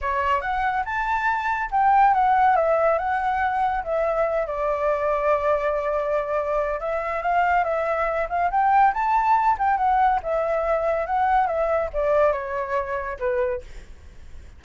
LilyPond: \new Staff \with { instrumentName = "flute" } { \time 4/4 \tempo 4 = 141 cis''4 fis''4 a''2 | g''4 fis''4 e''4 fis''4~ | fis''4 e''4. d''4.~ | d''1 |
e''4 f''4 e''4. f''8 | g''4 a''4. g''8 fis''4 | e''2 fis''4 e''4 | d''4 cis''2 b'4 | }